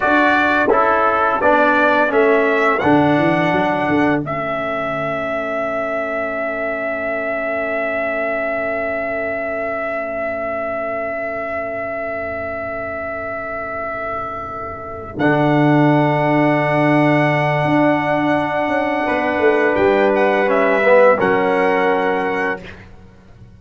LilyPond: <<
  \new Staff \with { instrumentName = "trumpet" } { \time 4/4 \tempo 4 = 85 d''4 a'4 d''4 e''4 | fis''2 e''2~ | e''1~ | e''1~ |
e''1~ | e''4. fis''2~ fis''8~ | fis''1 | g''8 fis''8 e''4 fis''2 | }
  \new Staff \with { instrumentName = "horn" } { \time 4/4 a'1~ | a'1~ | a'1~ | a'1~ |
a'1~ | a'1~ | a'2. b'4~ | b'2 ais'2 | }
  \new Staff \with { instrumentName = "trombone" } { \time 4/4 fis'4 e'4 d'4 cis'4 | d'2 cis'2~ | cis'1~ | cis'1~ |
cis'1~ | cis'4. d'2~ d'8~ | d'1~ | d'4 cis'8 b8 cis'2 | }
  \new Staff \with { instrumentName = "tuba" } { \time 4/4 d'4 cis'4 b4 a4 | d8 e8 fis8 d8 a2~ | a1~ | a1~ |
a1~ | a4. d2~ d8~ | d4 d'4. cis'8 b8 a8 | g2 fis2 | }
>>